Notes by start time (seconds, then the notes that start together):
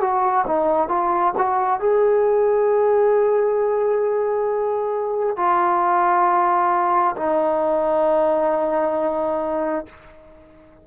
0.00 F#4
0.47 D#4
0.88 F4
1.38 F#4
1.80 G#4
5.36 F4
7.17 D#4